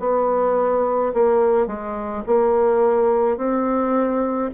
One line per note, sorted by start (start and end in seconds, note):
0.00 1.13 B3
1.14 1.67 A#3
1.67 2.24 G#3
2.27 3.38 A#3
3.38 4.51 C4